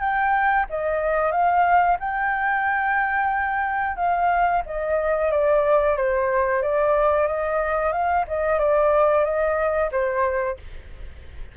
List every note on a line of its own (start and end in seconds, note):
0.00 0.66 G5
0.70 1.32 D#5
1.32 1.98 F5
2.00 3.97 G5
3.97 4.63 F5
4.66 5.31 D#5
5.31 5.97 D5
5.97 6.62 C5
6.62 7.27 D5
7.27 7.92 D#5
7.92 8.25 F5
8.28 8.59 D#5
8.59 9.25 D5
9.25 9.91 D#5
9.92 10.58 C5